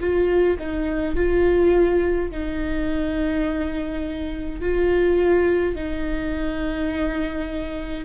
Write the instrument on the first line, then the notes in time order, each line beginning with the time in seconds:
viola
0.00 F4
0.59 D#4
1.15 F4
2.31 D#4
4.60 F4
5.75 D#4